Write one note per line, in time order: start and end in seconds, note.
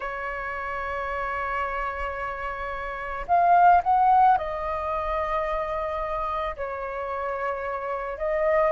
0.00 3.25 C#5
3.27 3.82 F5
3.83 4.37 F#5
4.37 6.56 D#5
6.56 8.18 C#5
8.18 8.71 D#5